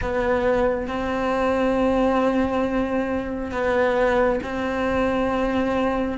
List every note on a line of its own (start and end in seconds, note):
0.01 0.87 B3
0.87 3.51 C4
3.51 4.39 B3
4.43 6.18 C4